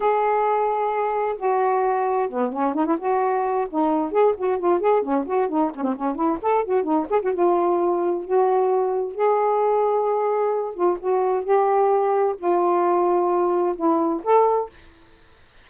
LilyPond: \new Staff \with { instrumentName = "saxophone" } { \time 4/4 \tempo 4 = 131 gis'2. fis'4~ | fis'4 b8 cis'8 dis'16 e'16 fis'4. | dis'4 gis'8 fis'8 f'8 gis'8 cis'8 fis'8 | dis'8 cis'16 c'16 cis'8 e'8 a'8 fis'8 dis'8 gis'16 fis'16 |
f'2 fis'2 | gis'2.~ gis'8 f'8 | fis'4 g'2 f'4~ | f'2 e'4 a'4 | }